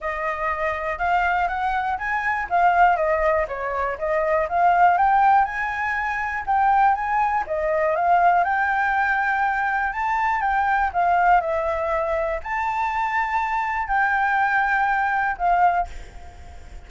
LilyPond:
\new Staff \with { instrumentName = "flute" } { \time 4/4 \tempo 4 = 121 dis''2 f''4 fis''4 | gis''4 f''4 dis''4 cis''4 | dis''4 f''4 g''4 gis''4~ | gis''4 g''4 gis''4 dis''4 |
f''4 g''2. | a''4 g''4 f''4 e''4~ | e''4 a''2. | g''2. f''4 | }